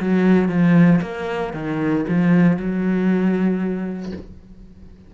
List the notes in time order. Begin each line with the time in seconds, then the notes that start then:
0.00 F#3
0.48 F3
1.01 A#3
1.53 D#3
2.08 F3
2.57 F#3